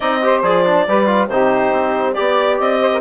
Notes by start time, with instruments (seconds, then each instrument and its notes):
0.00 bassoon C4, trombone D#4, saxophone D5, clarinet D#5
0.22 trombone G4, saxophone C5
0.42 bassoon F3, trombone G#4, clarinet D5
0.66 trombone D4
0.87 bassoon G3, trombone G4, saxophone B4
1.06 trombone F4
1.28 bassoon C3, trombone D#4, saxophone G4, clarinet C5
1.72 bassoon C4
2.13 bassoon B3, trombone G4, clarinet D5, saxophone D5
2.59 bassoon C4, clarinet D#5
2.80 saxophone C5
2.93 saxophone A#4